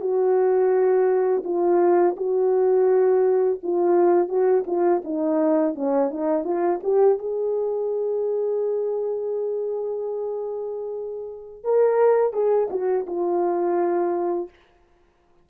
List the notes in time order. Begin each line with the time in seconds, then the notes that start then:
0.00 F#4
1.44 F4
2.17 F#4
3.63 F4
4.28 F#4
4.67 F4
5.04 D#4
5.75 C#4
6.10 D#4
6.44 F4
6.83 G4
7.19 G#4
11.64 A#4
12.33 G#4
12.70 F#4
13.06 F4